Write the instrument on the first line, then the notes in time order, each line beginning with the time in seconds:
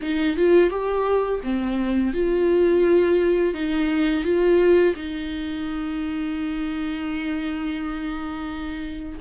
viola
0.01 D#4
0.36 F4
0.69 G4
1.43 C4
2.13 F4
3.54 D#4
4.24 F4
4.95 D#4